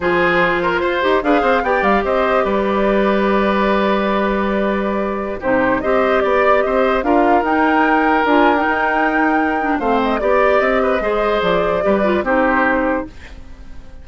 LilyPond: <<
  \new Staff \with { instrumentName = "flute" } { \time 4/4 \tempo 4 = 147 c''2. f''4 | g''8 f''8 dis''4 d''2~ | d''1~ | d''4~ d''16 c''4 dis''4 d''8.~ |
d''16 dis''4 f''4 g''4.~ g''16~ | g''16 gis''8. g''2. | f''8 dis''8 d''4 dis''2 | d''2 c''2 | }
  \new Staff \with { instrumentName = "oboe" } { \time 4/4 gis'4. ais'8 c''4 b'8 c''8 | d''4 c''4 b'2~ | b'1~ | b'4~ b'16 g'4 c''4 d''8.~ |
d''16 c''4 ais'2~ ais'8.~ | ais'1 | c''4 d''4. b'8 c''4~ | c''4 b'4 g'2 | }
  \new Staff \with { instrumentName = "clarinet" } { \time 4/4 f'2~ f'8 g'8 gis'4 | g'1~ | g'1~ | g'4~ g'16 dis'4 g'4.~ g'16~ |
g'4~ g'16 f'4 dis'4.~ dis'16~ | dis'16 f'8. dis'2~ dis'8 d'8 | c'4 g'2 gis'4~ | gis'4 g'8 f'8 dis'2 | }
  \new Staff \with { instrumentName = "bassoon" } { \time 4/4 f2 f'8 dis'8 d'8 c'8 | b8 g8 c'4 g2~ | g1~ | g4~ g16 c4 c'4 b8.~ |
b16 c'4 d'4 dis'4.~ dis'16~ | dis'16 d'4 dis'2~ dis'8. | a4 b4 c'4 gis4 | f4 g4 c'2 | }
>>